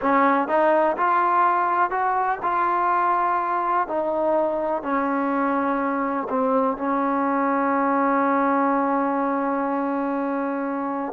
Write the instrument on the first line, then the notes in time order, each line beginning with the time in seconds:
trombone
0.01 C#4
0.48 D#4
0.97 F4
1.90 F#4
2.42 F4
3.87 D#4
4.82 C#4
6.29 C4
6.77 C#4